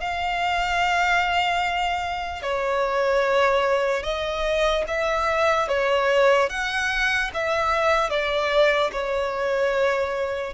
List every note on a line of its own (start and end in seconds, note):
0.00 2.42 F5
2.42 4.02 C#5
4.02 4.84 D#5
4.87 5.68 E5
5.68 6.49 C#5
6.49 7.30 F#5
7.33 8.09 E5
8.09 8.90 D5
8.92 10.54 C#5